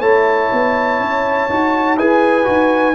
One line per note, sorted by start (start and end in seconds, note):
0.00 0.49 A3
0.00 1.50 E4
0.00 1.97 C#5
0.00 1.98 A5
0.52 1.00 B3
1.00 1.49 C#4
1.49 1.97 D#4
1.49 1.98 F#4
1.97 2.47 E4
1.97 2.44 G#4
1.97 2.95 B4
1.97 2.95 G#5
2.44 2.95 D#4
2.44 2.93 F#4